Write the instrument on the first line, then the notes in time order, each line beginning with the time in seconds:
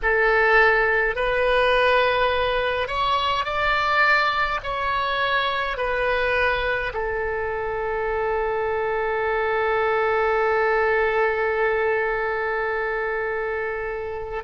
oboe
0.02 A4
1.15 B4
2.87 C#5
3.44 D5
4.63 C#5
5.77 B4
6.93 A4